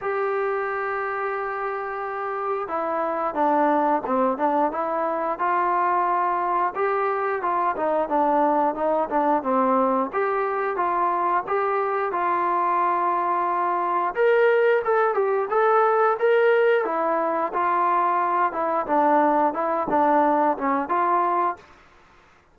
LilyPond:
\new Staff \with { instrumentName = "trombone" } { \time 4/4 \tempo 4 = 89 g'1 | e'4 d'4 c'8 d'8 e'4 | f'2 g'4 f'8 dis'8 | d'4 dis'8 d'8 c'4 g'4 |
f'4 g'4 f'2~ | f'4 ais'4 a'8 g'8 a'4 | ais'4 e'4 f'4. e'8 | d'4 e'8 d'4 cis'8 f'4 | }